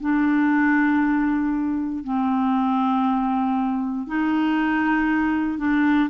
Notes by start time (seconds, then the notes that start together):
0.00 D4
2.04 C4
4.07 D#4
5.58 D4